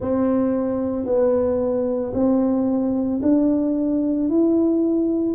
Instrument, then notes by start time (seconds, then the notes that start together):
tuba
0.00 C4
1.05 B3
2.13 C4
3.22 D4
4.29 E4